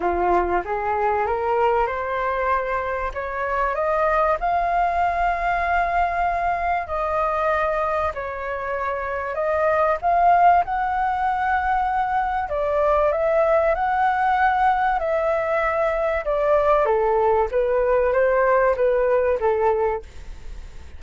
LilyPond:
\new Staff \with { instrumentName = "flute" } { \time 4/4 \tempo 4 = 96 f'4 gis'4 ais'4 c''4~ | c''4 cis''4 dis''4 f''4~ | f''2. dis''4~ | dis''4 cis''2 dis''4 |
f''4 fis''2. | d''4 e''4 fis''2 | e''2 d''4 a'4 | b'4 c''4 b'4 a'4 | }